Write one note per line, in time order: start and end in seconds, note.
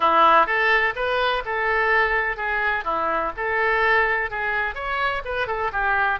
0.00 0.46 E4
0.46 0.94 A4
0.95 1.43 B4
1.45 2.36 A4
2.36 2.84 G#4
2.84 3.31 E4
3.36 4.30 A4
4.30 4.74 G#4
4.74 5.22 C#5
5.24 5.47 B4
5.47 5.71 A4
5.72 6.19 G4